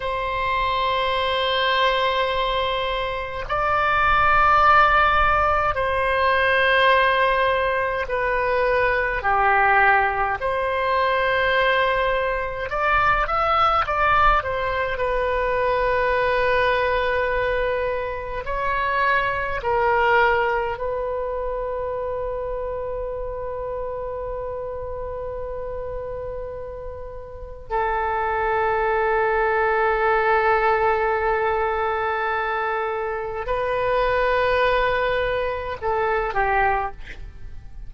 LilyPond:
\new Staff \with { instrumentName = "oboe" } { \time 4/4 \tempo 4 = 52 c''2. d''4~ | d''4 c''2 b'4 | g'4 c''2 d''8 e''8 | d''8 c''8 b'2. |
cis''4 ais'4 b'2~ | b'1 | a'1~ | a'4 b'2 a'8 g'8 | }